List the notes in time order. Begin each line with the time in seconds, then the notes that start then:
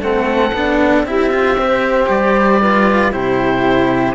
0.00 A3 C4 A4 F#5
0.54 B3 D4
1.03 C4 E4 G4 E5
1.30 F4
1.58 G4 C5
2.09 G3 D5
2.61 F4 B4
3.11 C3 E4 G4 C5